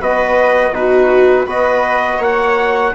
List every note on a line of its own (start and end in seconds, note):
0.00 0.72 B3
0.00 0.73 F#4
0.00 0.73 B4
0.00 0.74 D#5
0.72 1.45 B2
0.72 1.46 D#4
0.72 1.46 F#4
0.72 1.47 B4
1.46 2.19 B3
1.46 2.93 F#4
1.46 2.18 B4
1.46 2.22 D#5
2.18 2.92 A#3
2.18 2.91 C#5
2.18 2.95 F#5